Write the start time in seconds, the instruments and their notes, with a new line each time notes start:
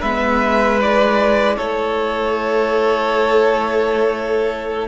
0.00 cello G#3, viola B3, violin B4 E5
0.80 viola E4, violin D5
1.57 cello A3, violin A4 C#5